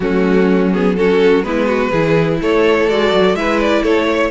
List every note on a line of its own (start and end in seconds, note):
0.00 1.43 F#3
0.00 0.72 A3
0.00 0.97 C#4
0.00 0.72 F#4
0.72 0.96 B3
0.72 0.96 G#4
0.96 1.44 C#4
0.96 1.45 F#4
0.96 1.43 A4
1.43 1.91 G#3
1.43 1.92 B3
1.43 1.66 E4
1.43 2.39 B4
1.66 1.90 F#4
1.90 2.40 E3
1.90 2.89 E4
1.90 2.38 G#4
2.41 2.89 A3
2.41 3.37 A4
2.41 2.89 C#5
2.89 3.12 G#3
2.89 3.36 F#4
2.89 3.35 D5
3.13 3.33 F#3
3.33 3.81 G#3
3.33 4.31 E4
3.33 3.82 B4
3.33 3.59 E5
3.60 3.83 D5
3.82 4.31 A3
3.82 4.06 A4
3.82 4.31 C#5
4.09 4.31 C#5